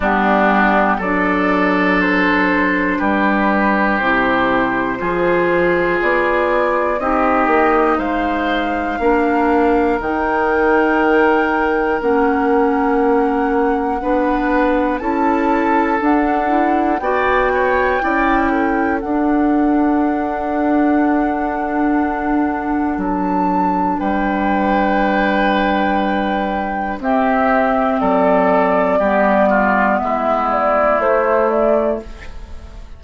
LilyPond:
<<
  \new Staff \with { instrumentName = "flute" } { \time 4/4 \tempo 4 = 60 g'4 d''4 c''4 b'4 | c''2 d''4 dis''4 | f''2 g''2 | fis''2. a''4 |
fis''4 g''2 fis''4~ | fis''2. a''4 | g''2. e''4 | d''2 e''8 d''8 c''8 d''8 | }
  \new Staff \with { instrumentName = "oboe" } { \time 4/4 d'4 a'2 g'4~ | g'4 gis'2 g'4 | c''4 ais'2.~ | ais'2 b'4 a'4~ |
a'4 d''8 cis''8 d''8 a'4.~ | a'1 | b'2. g'4 | a'4 g'8 f'8 e'2 | }
  \new Staff \with { instrumentName = "clarinet" } { \time 4/4 b4 d'2. | e'4 f'2 dis'4~ | dis'4 d'4 dis'2 | cis'2 d'4 e'4 |
d'8 e'8 fis'4 e'4 d'4~ | d'1~ | d'2. c'4~ | c'4 b2 a4 | }
  \new Staff \with { instrumentName = "bassoon" } { \time 4/4 g4 fis2 g4 | c4 f4 b4 c'8 ais8 | gis4 ais4 dis2 | ais2 b4 cis'4 |
d'4 b4 cis'4 d'4~ | d'2. fis4 | g2. c'4 | fis4 g4 gis4 a4 | }
>>